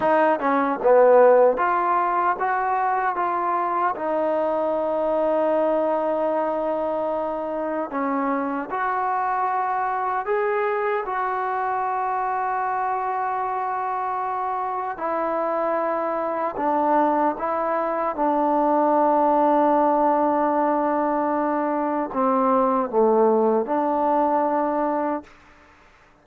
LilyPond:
\new Staff \with { instrumentName = "trombone" } { \time 4/4 \tempo 4 = 76 dis'8 cis'8 b4 f'4 fis'4 | f'4 dis'2.~ | dis'2 cis'4 fis'4~ | fis'4 gis'4 fis'2~ |
fis'2. e'4~ | e'4 d'4 e'4 d'4~ | d'1 | c'4 a4 d'2 | }